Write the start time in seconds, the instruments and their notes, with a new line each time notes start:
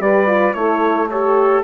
0.00 bassoon G3, horn G4, saxophone B4, trumpet D5
0.27 horn F4
0.54 bassoon A3, horn E4, saxophone A4, trumpet C#5
1.08 horn G4, trumpet A4, saxophone C#5